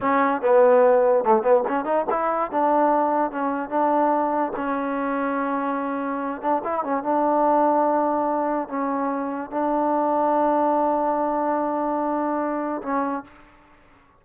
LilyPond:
\new Staff \with { instrumentName = "trombone" } { \time 4/4 \tempo 4 = 145 cis'4 b2 a8 b8 | cis'8 dis'8 e'4 d'2 | cis'4 d'2 cis'4~ | cis'2.~ cis'8 d'8 |
e'8 cis'8 d'2.~ | d'4 cis'2 d'4~ | d'1~ | d'2. cis'4 | }